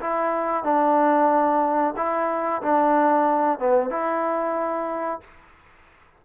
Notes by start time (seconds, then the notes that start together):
0.00 E4
0.64 D4
1.96 E4
2.62 D4
3.59 B3
3.90 E4